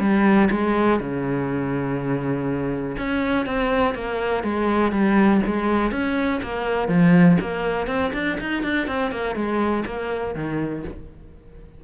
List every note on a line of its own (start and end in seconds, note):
0.00 0.49 G3
0.51 1.00 G#3
1.00 2.97 C#3
2.98 3.46 C#4
3.46 3.95 C4
3.95 4.44 A#3
4.44 4.92 G#3
4.92 5.41 G3
5.47 5.92 G#3
5.92 6.41 C#4
6.43 6.89 A#3
6.89 7.38 F3
7.42 7.87 A#3
7.87 8.12 C4
8.14 8.39 D4
8.41 8.63 D#4
8.63 8.88 D4
8.88 9.12 C4
9.12 9.36 A#3
9.36 9.85 G#3
9.86 10.35 A#3
10.35 10.85 D#3